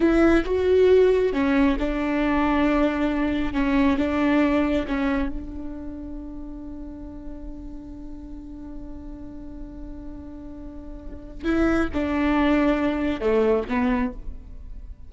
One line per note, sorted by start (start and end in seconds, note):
0.00 0.44 E4
0.45 1.32 F#4
1.32 1.76 C#4
1.79 3.53 D4
3.53 3.97 C#4
3.97 4.85 D4
4.87 5.28 C#4
5.28 11.44 D4
11.44 11.88 E4
11.93 13.20 D4
13.20 13.64 A3
13.68 14.12 B3